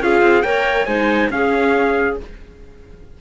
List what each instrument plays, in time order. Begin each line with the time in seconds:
0.00 cello C#4, viola F4, clarinet G#4, trumpet F5
0.22 cello C4
0.42 cello A#3, viola A#4, clarinet C#5, trumpet G5
0.85 cello G#3, viola D#4, clarinet C5, trumpet G#5
1.30 cello C#4, viola C#4, clarinet G#4, trumpet F5